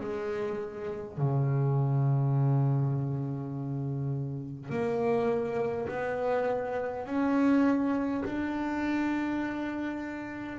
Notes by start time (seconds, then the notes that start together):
0.00 G#3
1.17 C#3
4.70 A#3
5.88 B3
7.06 C#4
8.25 D4